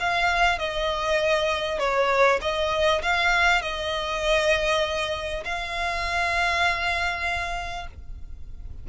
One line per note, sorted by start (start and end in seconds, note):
0.00 0.59 F5
0.59 1.79 D#5
1.79 2.40 C#5
2.42 3.02 D#5
3.02 3.62 F5
3.62 5.44 D#5
5.45 7.87 F5